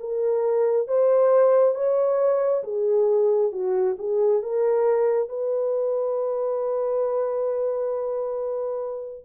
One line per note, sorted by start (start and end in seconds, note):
0.00 0.88 A#4
0.88 1.75 C5
1.75 2.64 C#5
2.64 3.52 G#4
3.53 3.97 F#4
3.99 4.43 G#4
4.43 5.29 A#4
5.29 9.25 B4